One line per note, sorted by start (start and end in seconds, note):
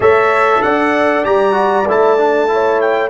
0.00 0.61 A3
0.00 1.24 A4
0.00 0.62 C#5
0.00 0.62 E5
0.62 1.25 D4
0.62 2.51 D5
0.62 1.24 F#5
1.24 1.87 G3
1.24 1.52 G4
1.24 1.87 A#5
1.52 1.83 F#4
1.88 3.09 A3
1.88 2.17 E4
1.88 2.80 A5
2.17 2.47 D4
2.47 3.09 E4
2.47 3.09 C#5
2.80 3.09 G5